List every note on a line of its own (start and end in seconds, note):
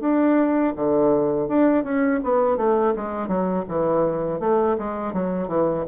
0.00 0.73 D4
0.76 1.48 D3
1.48 1.84 D4
1.84 2.21 C#4
2.23 2.57 B3
2.57 2.94 A3
2.96 3.28 G#3
3.28 3.64 F#3
3.68 4.40 E3
4.40 4.77 A3
4.78 5.13 G#3
5.13 5.48 F#3
5.48 5.85 E3